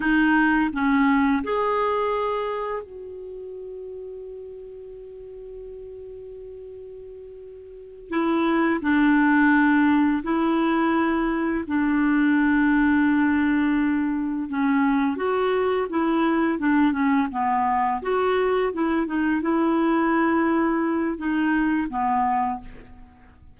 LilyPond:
\new Staff \with { instrumentName = "clarinet" } { \time 4/4 \tempo 4 = 85 dis'4 cis'4 gis'2 | fis'1~ | fis'2.~ fis'8 e'8~ | e'8 d'2 e'4.~ |
e'8 d'2.~ d'8~ | d'8 cis'4 fis'4 e'4 d'8 | cis'8 b4 fis'4 e'8 dis'8 e'8~ | e'2 dis'4 b4 | }